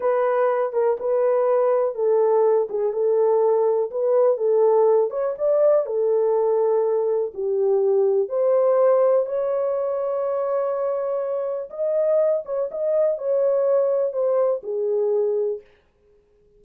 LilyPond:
\new Staff \with { instrumentName = "horn" } { \time 4/4 \tempo 4 = 123 b'4. ais'8 b'2 | a'4. gis'8 a'2 | b'4 a'4. cis''8 d''4 | a'2. g'4~ |
g'4 c''2 cis''4~ | cis''1 | dis''4. cis''8 dis''4 cis''4~ | cis''4 c''4 gis'2 | }